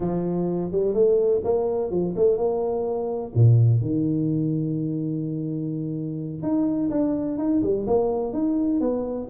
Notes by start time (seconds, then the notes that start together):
0.00 F3
0.71 G3
0.94 A3
1.44 A#3
1.90 F3
2.16 A3
2.37 A#3
3.34 A#2
3.81 D#3
6.42 D#4
6.90 D4
7.38 D#4
7.62 G3
7.86 A#3
8.32 D#4
8.80 B3